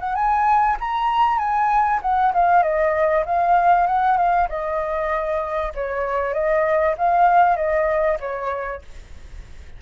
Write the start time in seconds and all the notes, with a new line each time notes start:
0.00 F#5
0.15 G#5
0.80 A#5
1.38 G#5
2.02 F#5
2.34 F5
2.63 D#5
3.26 F5
3.87 F#5
4.17 F5
4.49 D#5
5.75 C#5
6.33 D#5
6.98 F5
7.56 D#5
8.20 C#5